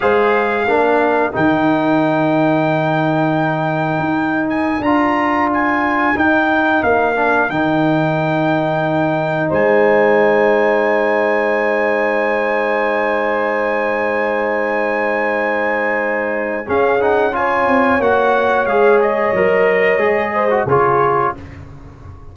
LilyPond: <<
  \new Staff \with { instrumentName = "trumpet" } { \time 4/4 \tempo 4 = 90 f''2 g''2~ | g''2~ g''8. gis''8 ais''8.~ | ais''16 gis''4 g''4 f''4 g''8.~ | g''2~ g''16 gis''4.~ gis''16~ |
gis''1~ | gis''1~ | gis''4 f''8 fis''8 gis''4 fis''4 | f''8 dis''2~ dis''8 cis''4 | }
  \new Staff \with { instrumentName = "horn" } { \time 4/4 c''4 ais'2.~ | ais'1~ | ais'1~ | ais'2~ ais'16 c''4.~ c''16~ |
c''1~ | c''1~ | c''4 gis'4 cis''2~ | cis''2~ cis''8 c''8 gis'4 | }
  \new Staff \with { instrumentName = "trombone" } { \time 4/4 gis'4 d'4 dis'2~ | dis'2.~ dis'16 f'8.~ | f'4~ f'16 dis'4. d'8 dis'8.~ | dis'1~ |
dis'1~ | dis'1~ | dis'4 cis'8 dis'8 f'4 fis'4 | gis'4 ais'4 gis'8. fis'16 f'4 | }
  \new Staff \with { instrumentName = "tuba" } { \time 4/4 gis4 ais4 dis2~ | dis2 dis'4~ dis'16 d'8.~ | d'4~ d'16 dis'4 ais4 dis8.~ | dis2~ dis16 gis4.~ gis16~ |
gis1~ | gis1~ | gis4 cis'4. c'8 ais4 | gis4 fis4 gis4 cis4 | }
>>